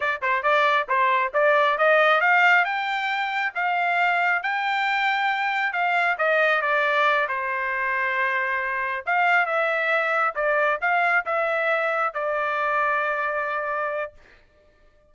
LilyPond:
\new Staff \with { instrumentName = "trumpet" } { \time 4/4 \tempo 4 = 136 d''8 c''8 d''4 c''4 d''4 | dis''4 f''4 g''2 | f''2 g''2~ | g''4 f''4 dis''4 d''4~ |
d''8 c''2.~ c''8~ | c''8 f''4 e''2 d''8~ | d''8 f''4 e''2 d''8~ | d''1 | }